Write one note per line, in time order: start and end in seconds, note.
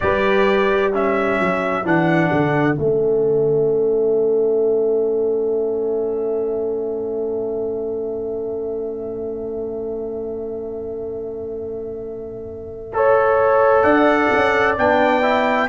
0.00 1.39 G3
0.00 0.93 G4
0.00 0.94 B4
0.00 0.92 D5
0.93 1.84 C#4
0.93 12.94 A4
0.93 1.86 E5
1.39 1.84 F#3
1.84 2.30 E3
1.84 2.74 D4
1.84 2.77 F#5
2.32 2.78 D3
2.74 13.83 A3
2.74 12.89 C#4
2.74 13.82 E5
12.93 14.77 A4
12.93 13.84 C#5
13.82 14.29 D4
13.82 15.68 D5
13.82 14.74 F#5
14.32 14.78 C#4
14.78 15.69 B3
14.78 15.22 D4
14.78 15.69 G5
15.22 15.68 E4